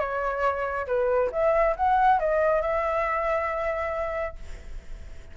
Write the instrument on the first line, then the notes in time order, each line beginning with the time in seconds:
flute
0.00 C#5
0.87 B4
1.32 E5
1.77 F#5
2.20 D#5
2.62 E5